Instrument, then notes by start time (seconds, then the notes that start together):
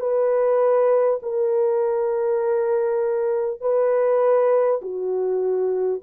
horn
0.00 B4
1.22 A#4
3.61 B4
4.81 F#4